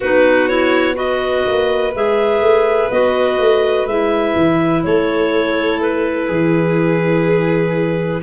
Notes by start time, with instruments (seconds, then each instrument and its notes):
0.00 tuba B3, clarinet D#4 B4, violin F#4
0.48 clarinet E4 C#5
0.94 clarinet F#4 D#5, violin B4
1.46 tuba A#3
1.95 tuba G#3, clarinet G#4 E5
2.41 tuba A3
2.91 tuba B3, clarinet F#4 D#5
3.39 tuba A3
3.86 tuba G#3, clarinet E4 E5
4.35 tuba E3
4.83 tuba A3, violin A4, clarinet C#5
5.81 clarinet B4
6.27 tuba E3, violin G#4